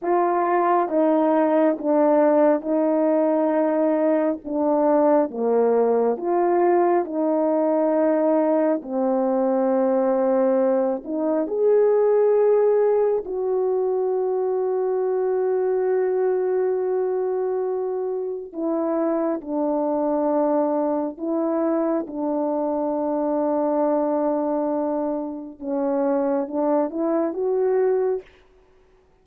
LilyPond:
\new Staff \with { instrumentName = "horn" } { \time 4/4 \tempo 4 = 68 f'4 dis'4 d'4 dis'4~ | dis'4 d'4 ais4 f'4 | dis'2 c'2~ | c'8 dis'8 gis'2 fis'4~ |
fis'1~ | fis'4 e'4 d'2 | e'4 d'2.~ | d'4 cis'4 d'8 e'8 fis'4 | }